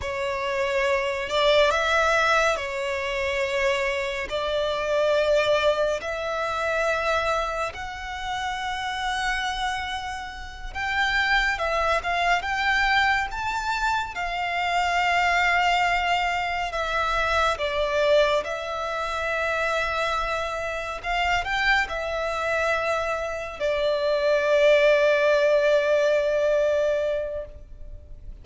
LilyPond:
\new Staff \with { instrumentName = "violin" } { \time 4/4 \tempo 4 = 70 cis''4. d''8 e''4 cis''4~ | cis''4 d''2 e''4~ | e''4 fis''2.~ | fis''8 g''4 e''8 f''8 g''4 a''8~ |
a''8 f''2. e''8~ | e''8 d''4 e''2~ e''8~ | e''8 f''8 g''8 e''2 d''8~ | d''1 | }